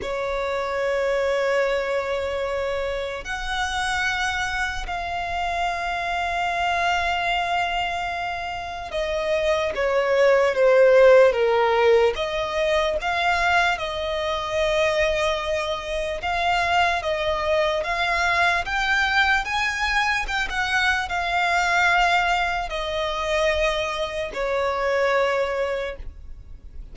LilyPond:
\new Staff \with { instrumentName = "violin" } { \time 4/4 \tempo 4 = 74 cis''1 | fis''2 f''2~ | f''2. dis''4 | cis''4 c''4 ais'4 dis''4 |
f''4 dis''2. | f''4 dis''4 f''4 g''4 | gis''4 g''16 fis''8. f''2 | dis''2 cis''2 | }